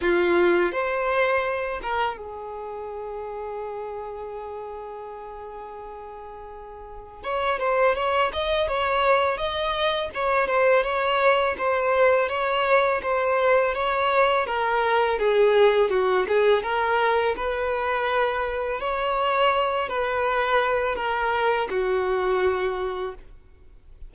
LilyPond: \new Staff \with { instrumentName = "violin" } { \time 4/4 \tempo 4 = 83 f'4 c''4. ais'8 gis'4~ | gis'1~ | gis'2 cis''8 c''8 cis''8 dis''8 | cis''4 dis''4 cis''8 c''8 cis''4 |
c''4 cis''4 c''4 cis''4 | ais'4 gis'4 fis'8 gis'8 ais'4 | b'2 cis''4. b'8~ | b'4 ais'4 fis'2 | }